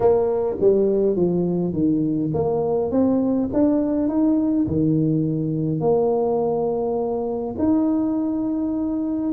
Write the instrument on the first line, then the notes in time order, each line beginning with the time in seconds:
tuba
0.00 A#3
0.60 G3
1.16 F3
1.73 D#3
2.33 A#3
2.91 C4
3.53 D4
4.08 D#4
4.67 D#3
5.80 A#3
7.58 D#4